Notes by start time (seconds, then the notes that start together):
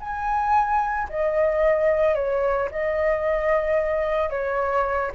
0.00 G#5
1.09 D#5
2.15 C#5
2.71 D#5
4.30 C#5